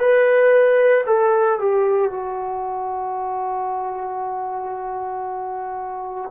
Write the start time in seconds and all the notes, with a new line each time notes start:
0.00 B4
1.07 A4
1.59 G4
2.11 F#4